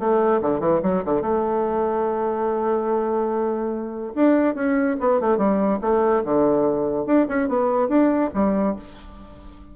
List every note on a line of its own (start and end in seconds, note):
0.00 0.42 A3
0.42 0.60 D3
0.60 0.81 E3
0.83 1.04 F#3
1.05 1.22 D3
1.22 4.14 A3
4.16 4.55 D4
4.55 4.97 C#4
5.01 5.21 B3
5.21 5.38 A3
5.38 5.80 G3
5.82 6.23 A3
6.25 7.07 D3
7.07 7.27 D4
7.29 7.49 C#4
7.49 7.89 B3
7.89 8.30 D4
8.34 8.76 G3